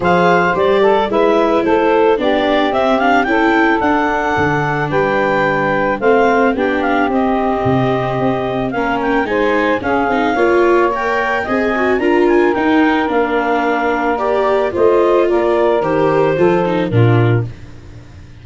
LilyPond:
<<
  \new Staff \with { instrumentName = "clarinet" } { \time 4/4 \tempo 4 = 110 f''4 d''4 e''4 c''4 | d''4 e''8 f''8 g''4 fis''4~ | fis''4 g''2 f''4 | g''8 f''8 dis''2. |
f''8 g''8 gis''4 f''2 | g''4 gis''4 ais''8 gis''8 g''4 | f''2 d''4 dis''4 | d''4 c''2 ais'4 | }
  \new Staff \with { instrumentName = "saxophone" } { \time 4/4 c''4. a'8 b'4 a'4 | g'2 a'2~ | a'4 b'2 c''4 | g'1 |
ais'4 c''4 gis'4 cis''4~ | cis''4 dis''4 ais'2~ | ais'2. c''4 | ais'2 a'4 f'4 | }
  \new Staff \with { instrumentName = "viola" } { \time 4/4 gis'4 g'4 e'2 | d'4 c'8 d'8 e'4 d'4~ | d'2. c'4 | d'4 c'2. |
cis'4 dis'4 cis'8 dis'8 f'4 | ais'4 gis'8 fis'8 f'4 dis'4 | d'2 g'4 f'4~ | f'4 g'4 f'8 dis'8 d'4 | }
  \new Staff \with { instrumentName = "tuba" } { \time 4/4 f4 g4 gis4 a4 | b4 c'4 cis'4 d'4 | d4 g2 a4 | b4 c'4 c4 c'4 |
ais4 gis4 cis'8 c'8 ais4~ | ais4 c'4 d'4 dis'4 | ais2. a4 | ais4 dis4 f4 ais,4 | }
>>